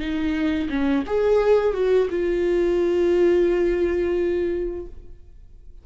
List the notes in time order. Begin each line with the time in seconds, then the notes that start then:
0.00 D#4
0.70 C#4
1.07 G#4
1.74 F#4
2.10 F4